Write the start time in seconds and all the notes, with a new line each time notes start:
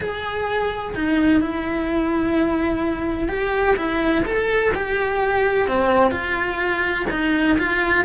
0.00 G#4
0.94 D#4
1.40 E4
3.28 G4
3.76 E4
4.25 A4
4.74 G4
5.67 C4
6.11 F4
7.10 D#4
7.58 F4